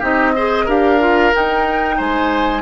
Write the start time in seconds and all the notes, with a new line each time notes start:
0.00 C4 D#4 G4 D#5
0.36 G#4 C5
0.65 D4 G4 A#4 F5
1.00 F4
1.33 D#4 G5
1.98 G#3 C5 G#5